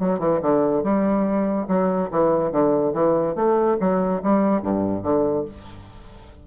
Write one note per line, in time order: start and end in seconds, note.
0.00 0.19 F#3
0.19 0.40 E3
0.42 0.84 D3
0.84 1.67 G3
1.68 2.10 F#3
2.11 2.52 E3
2.52 2.93 D3
2.93 3.35 E3
3.35 3.77 A3
3.80 4.22 F#3
4.23 4.62 G3
4.62 5.03 G2
5.03 5.45 D3